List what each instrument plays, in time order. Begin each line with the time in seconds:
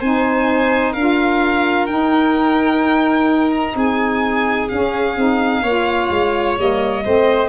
0.00 tuba C4, saxophone D#4, violin C5 G#5
0.93 tuba D4, saxophone F4, violin A#4 F5
1.87 saxophone D#4, tuba D#4, violin G5
3.52 violin A#5
3.75 tuba C4, violin G#4 G#5
4.69 saxophone C#4, tuba C#4, violin F5
5.17 tuba C4, saxophone D#4
5.63 tuba A#3, saxophone F4, violin C#5
6.10 tuba G#3
6.57 tuba G3, saxophone A#3, violin D#5
7.04 tuba A3, saxophone C4, violin C5